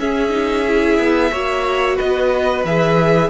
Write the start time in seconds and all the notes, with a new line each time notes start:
0.00 C#4 G#4 E5
0.30 D#4
0.68 E4
0.99 B3
1.32 A#3 F#4 C#5
1.96 B3 B4 D#5
2.65 E3 G#4 E5